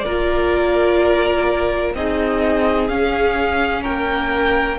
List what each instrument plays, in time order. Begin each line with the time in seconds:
0.00 violin A#4 D5
0.06 cello A#3, viola F4
1.95 cello C4, viola D#4, violin G#4 D#5
2.88 cello C#4, viola C#4, violin F5
3.83 cello A#3, violin A#4 G5